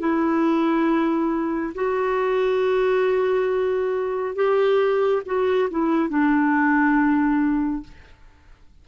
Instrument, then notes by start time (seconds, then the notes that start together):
clarinet
0.00 E4
1.75 F#4
4.36 G4
5.26 F#4
5.71 E4
6.09 D4